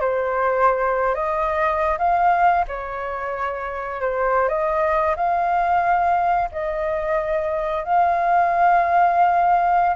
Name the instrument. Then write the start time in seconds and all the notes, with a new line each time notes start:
flute
0.00 C5
1.14 D#5
1.98 F5
2.68 C#5
4.01 C5
4.48 D#5
5.15 F5
6.51 D#5
7.84 F5